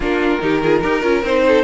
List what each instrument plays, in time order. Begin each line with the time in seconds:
0.00 cello A#3, viola D4, violin F4 A#4
0.40 cello D#3, viola D#4, violin G4
0.62 viola F4, violin G#4
0.81 cello D#4, viola G4, violin A#4
1.02 cello C#4, viola F4
1.23 cello C4, viola D#4, violin C5
1.47 violin A4